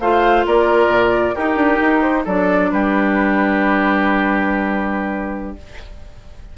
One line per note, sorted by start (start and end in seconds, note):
0.00 0.45 A3
0.00 1.36 F4
0.00 0.46 C5
0.00 0.46 F5
0.46 0.87 A#3
0.46 1.35 A#4
0.46 1.35 D5
0.87 1.33 A#2
1.35 2.27 D#4
1.35 1.56 D#4
1.35 2.24 G4
1.35 2.02 A#4
1.56 1.79 D4
1.80 2.26 D#4
2.02 2.25 C5
2.24 2.72 F#3
2.24 5.58 D4
2.24 2.70 A4
2.24 2.71 D5
2.71 5.56 G3
2.71 5.57 G4
2.71 5.55 B4